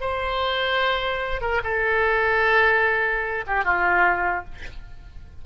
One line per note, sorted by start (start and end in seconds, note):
0.00 1.41 C5
1.41 1.61 A#4
1.63 3.44 A4
3.46 3.64 G4
3.64 4.44 F4